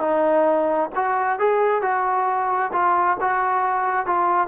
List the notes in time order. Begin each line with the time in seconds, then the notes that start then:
0.00 D#4
0.95 F#4
1.39 G#4
1.82 F#4
2.72 F4
3.20 F#4
4.06 F4